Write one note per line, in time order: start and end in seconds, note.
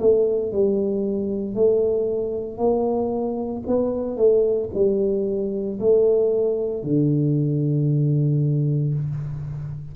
0.00 0.53 A3
0.53 1.55 G3
1.55 2.58 A3
2.58 3.63 A#3
3.67 4.17 B3
4.17 4.70 A3
4.75 5.80 G3
5.80 6.84 A3
6.84 8.94 D3